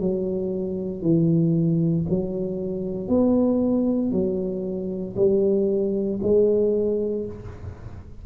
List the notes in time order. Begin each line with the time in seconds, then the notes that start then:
0.00 F#3
1.02 E3
2.10 F#3
3.08 B3
4.12 F#3
5.17 G3
6.23 G#3